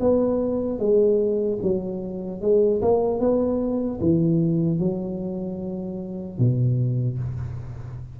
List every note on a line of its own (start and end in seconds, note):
0.00 0.79 B3
0.79 1.59 G#3
1.63 2.41 F#3
2.41 2.81 G#3
2.82 3.20 A#3
3.20 4.00 B3
4.00 4.79 E3
4.79 6.38 F#3
6.38 7.19 B2